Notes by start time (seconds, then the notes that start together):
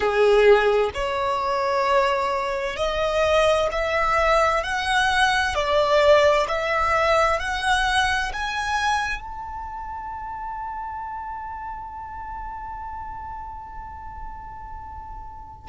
0.00 G#4
0.94 C#5
2.76 D#5
3.71 E5
4.63 F#5
5.54 D5
6.48 E5
7.39 F#5
8.32 G#5
9.21 A5